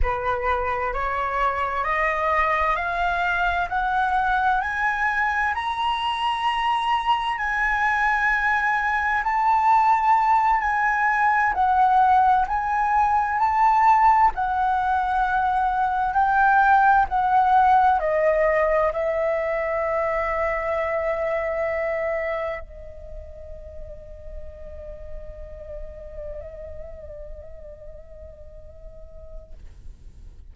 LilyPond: \new Staff \with { instrumentName = "flute" } { \time 4/4 \tempo 4 = 65 b'4 cis''4 dis''4 f''4 | fis''4 gis''4 ais''2 | gis''2 a''4. gis''8~ | gis''8 fis''4 gis''4 a''4 fis''8~ |
fis''4. g''4 fis''4 dis''8~ | dis''8 e''2.~ e''8~ | e''8 dis''2.~ dis''8~ | dis''1 | }